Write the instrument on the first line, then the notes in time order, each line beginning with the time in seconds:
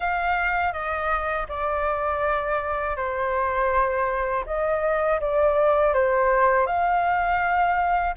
flute
0.00 F5
0.72 D#5
1.48 D5
2.96 C5
4.45 D#5
5.20 D5
5.93 C5
6.66 F5